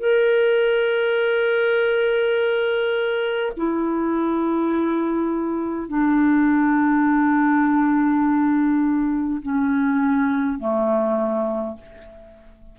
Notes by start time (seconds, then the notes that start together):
0.00 A#4
3.57 E4
5.89 D4
9.42 C#4
10.59 A3